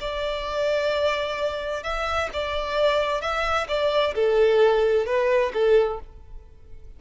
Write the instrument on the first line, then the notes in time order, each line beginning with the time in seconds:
violin
0.00 D5
1.83 E5
2.33 D5
3.21 E5
3.68 D5
4.15 A4
5.05 B4
5.53 A4